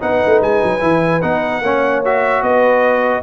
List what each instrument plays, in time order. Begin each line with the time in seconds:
0.00 tuba B3, trombone D#4, horn B4, trumpet F#5
0.26 tuba A3
0.42 tuba G#3, trumpet G#5
0.64 tuba F#3
0.80 tuba E3, trombone E4
1.22 tuba B3, trombone D#4, trumpet F#5
1.61 tuba A#3, trombone C#4, horn C#5
2.05 trombone F#4, trumpet E5
2.42 tuba B3, horn B4, trumpet D#5